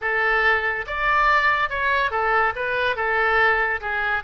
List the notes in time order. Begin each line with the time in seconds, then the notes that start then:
0.01 A4
0.86 D5
1.69 C#5
2.10 A4
2.55 B4
2.96 A4
3.80 G#4